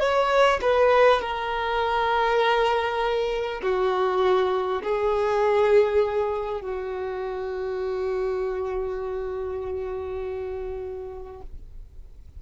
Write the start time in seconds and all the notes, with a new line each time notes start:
0.00 C#5
0.62 B4
1.22 A#4
3.63 F#4
4.83 G#4
6.61 F#4